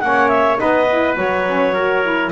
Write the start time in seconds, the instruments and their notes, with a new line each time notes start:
0.00 double bass A#3, saxophone C#4, trumpet C#5, clarinet F#5
0.28 clarinet E5
0.57 double bass B3, saxophone D#4, trumpet B4, clarinet D#5
0.90 saxophone E4
1.16 double bass F#3, saxophone F#4, clarinet C#5
1.45 saxophone C#4
1.73 saxophone F#4, trumpet A#4
2.03 saxophone E4